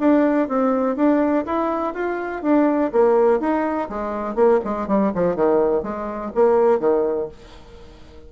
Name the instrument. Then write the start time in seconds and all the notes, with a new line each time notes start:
bassoon
0.00 D4
0.49 C4
0.96 D4
1.46 E4
1.94 F4
2.43 D4
2.93 A#3
3.40 D#4
3.90 G#3
4.36 A#3
4.65 G#3
4.88 G3
5.15 F3
5.36 D#3
5.83 G#3
6.35 A#3
6.80 D#3